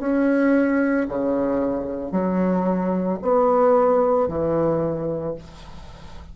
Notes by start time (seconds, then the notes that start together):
0.00 C#4
1.09 C#3
2.12 F#3
3.22 B3
4.28 E3